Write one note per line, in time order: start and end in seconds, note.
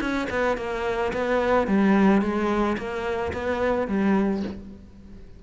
0.00 0.28 C#4
0.30 0.57 B3
0.57 1.12 A#3
1.12 1.67 B3
1.67 2.21 G3
2.21 2.76 G#3
2.77 3.32 A#3
3.33 3.87 B3
3.87 4.42 G3